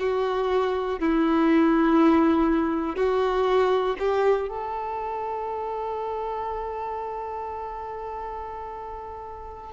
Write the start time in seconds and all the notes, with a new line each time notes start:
0.00 F#4
1.00 E4
2.96 F#4
3.99 G4
4.49 A4